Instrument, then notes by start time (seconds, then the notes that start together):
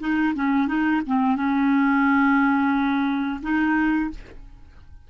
clarinet
0.00 D#4
0.35 C#4
0.68 D#4
1.07 C4
1.36 C#4
3.42 D#4